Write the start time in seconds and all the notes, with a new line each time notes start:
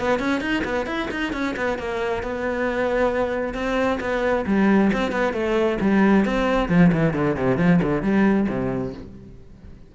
0.00 B3
0.20 C#4
0.41 D#4
0.65 B3
0.86 E4
1.11 D#4
1.33 C#4
1.57 B3
1.79 A#3
2.23 B3
3.54 C4
4.01 B3
4.47 G3
4.93 C4
5.12 B3
5.33 A3
5.81 G3
6.25 C4
6.69 F3
6.93 E3
7.14 D3
7.36 C3
7.58 F3
7.83 D3
8.03 G3
8.49 C3